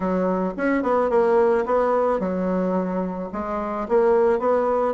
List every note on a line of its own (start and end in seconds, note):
0.00 0.53 F#3
0.57 0.82 C#4
0.82 1.10 B3
1.10 1.65 A#3
1.65 2.19 B3
2.19 3.29 F#3
3.32 3.87 G#3
3.88 4.39 A#3
4.39 4.94 B3